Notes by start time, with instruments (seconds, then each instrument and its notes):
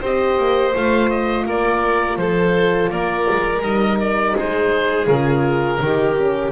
0.00 double bass C4, horn G4, violin C5, oboe D#5
0.38 double bass A#3
0.74 double bass A3, horn F4, oboe F5
1.10 oboe D#5
1.46 double bass A#3, violin A#4, oboe D5
2.17 double bass F3, violin A4, oboe C5
2.91 double bass A#3, violin A#4, oboe D5
3.31 double bass G#3
3.62 double bass G3, horn D#4, oboe D#5
4.00 oboe D5
4.34 double bass G#3, violin G#4, oboe C5
5.07 double bass C#3, horn F4, oboe A#4
5.79 double bass D#3, horn D#4, violin G4
6.18 horn C#4